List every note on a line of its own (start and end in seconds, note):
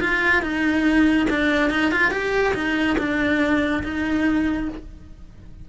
0.00 0.42 F4
0.42 1.27 D#4
1.30 1.70 D4
1.70 1.91 D#4
1.91 2.11 F4
2.11 2.53 G4
2.54 2.97 D#4
2.98 3.83 D4
3.83 4.68 D#4